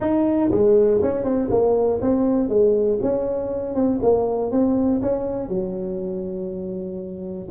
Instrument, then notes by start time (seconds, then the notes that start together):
tuba
0.00 D#4
0.51 G#3
1.02 C#4
1.24 C4
1.50 A#3
2.01 C4
2.48 G#3
3.01 C#4
3.74 C4
4.02 A#3
4.51 C4
5.01 C#4
5.48 F#3